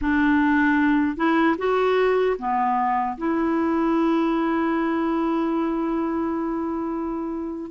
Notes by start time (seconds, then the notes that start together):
0.01 D4
1.16 E4
1.58 F#4
2.38 B3
3.17 E4